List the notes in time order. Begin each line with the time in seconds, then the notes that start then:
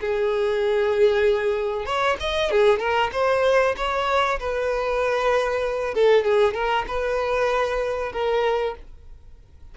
0.00 G#4
1.86 C#5
2.20 D#5
2.51 G#4
2.79 A#4
3.12 C5
3.76 C#5
4.39 B4
5.94 A4
6.24 G#4
6.54 A#4
6.87 B4
8.12 A#4